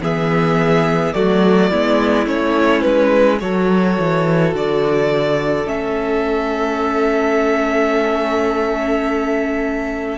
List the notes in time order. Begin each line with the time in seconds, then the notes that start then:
0.00 E3 B3 G#4 E5
1.13 F#3 A3 F#4 D5
1.70 G#3 B3 E4
2.26 A3 C#4 C#5
2.81 G#3 B4
3.40 F#3 F#4 A4 C#5
3.99 E3
4.54 D3 D5
5.65 A3 C#4 E5